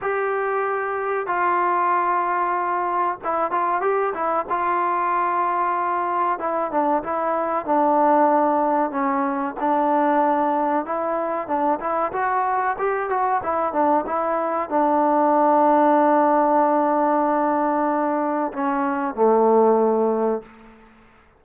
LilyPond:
\new Staff \with { instrumentName = "trombone" } { \time 4/4 \tempo 4 = 94 g'2 f'2~ | f'4 e'8 f'8 g'8 e'8 f'4~ | f'2 e'8 d'8 e'4 | d'2 cis'4 d'4~ |
d'4 e'4 d'8 e'8 fis'4 | g'8 fis'8 e'8 d'8 e'4 d'4~ | d'1~ | d'4 cis'4 a2 | }